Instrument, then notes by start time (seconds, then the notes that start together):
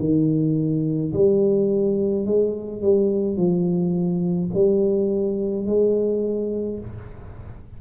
tuba
0.00 D#3
1.13 G3
2.26 G#3
2.82 G3
3.37 F3
4.54 G3
5.66 G#3